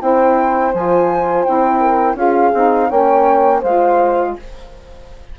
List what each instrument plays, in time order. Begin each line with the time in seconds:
0.00 bassoon C4, saxophone E4, horn C5, flute G5
0.74 bassoon F3, saxophone F4, flute G#5
1.44 bassoon C4, saxophone E4, flute G5
1.81 horn A#4
2.15 bassoon C#4, saxophone F4, horn G#4, flute F5
2.54 bassoon C4, saxophone D#4
2.90 bassoon A#3, saxophone C#4, horn C#5, flute G5
3.61 bassoon G#3, saxophone F4, horn C5, flute F5